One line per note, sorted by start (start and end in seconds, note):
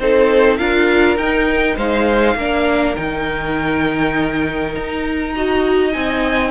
0.00 0.59 C4
0.00 0.59 D#4
0.00 0.60 A4
0.00 0.57 C5
0.57 1.17 D4
0.57 1.18 F4
0.57 1.76 A#4
0.57 1.17 F5
1.17 1.77 D#4
1.17 2.38 D#4
1.17 1.77 G5
1.76 2.35 G#3
1.76 2.35 C5
1.76 2.96 F5
2.35 2.95 A#3
2.35 2.96 D4
2.35 5.35 A#4
2.96 4.76 D#3
2.96 5.34 D#4
2.96 4.74 G5
4.75 5.95 D#4
4.75 5.93 A#5
5.36 5.92 F#4
5.36 6.51 D#5
5.92 6.51 C4
5.92 6.51 D#4
5.92 6.51 G#5